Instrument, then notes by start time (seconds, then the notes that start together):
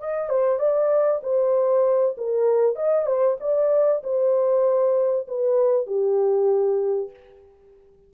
horn
0.00 D#5
0.30 C5
0.59 D5
1.23 C5
2.17 A#4
2.76 D#5
3.06 C5
3.40 D5
4.03 C5
5.28 B4
5.87 G4